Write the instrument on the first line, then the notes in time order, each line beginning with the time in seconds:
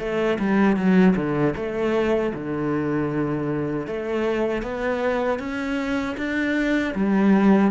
cello
0.00 A3
0.40 G3
0.77 F#3
1.16 D3
1.56 A3
2.35 D3
3.87 A3
4.63 B3
5.40 C#4
6.17 D4
6.95 G3